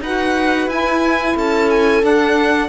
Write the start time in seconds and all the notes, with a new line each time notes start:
0.00 D#4 F#4 B4 F#5
0.67 E4 G#5
1.35 C#4 A4 A5
1.70 G#5
2.01 D4 F#5